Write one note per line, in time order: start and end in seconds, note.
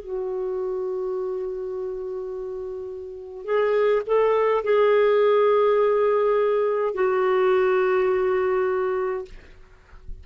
0.00 3.45 F#4
3.45 4.03 G#4
4.06 4.64 A4
4.64 6.95 G#4
6.95 9.26 F#4